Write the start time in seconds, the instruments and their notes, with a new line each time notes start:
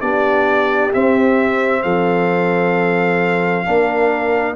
0.00 tuba B3, trombone D4, horn G4, trumpet D5
0.93 trombone C4, tuba C4, trumpet E5
1.82 tuba F3, horn A4, trumpet F5
3.64 tuba A#3, trombone D4, horn A#4